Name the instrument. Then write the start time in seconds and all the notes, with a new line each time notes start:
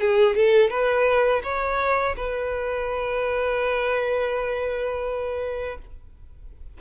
violin
0.00 G#4
0.35 A4
0.69 B4
1.43 C#5
2.16 B4